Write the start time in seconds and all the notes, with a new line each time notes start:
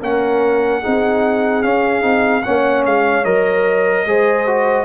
0.00 A#3 C#4 A#4 F#5
0.80 C4 D#4 G#4
1.62 C#4 F5
2.01 C4 D#4
2.42 A#3 C#4 C#5 F#5
2.85 G#3 F5
3.24 F#3 A#4 D#5
4.05 G#3 G#4 C5
4.46 F#4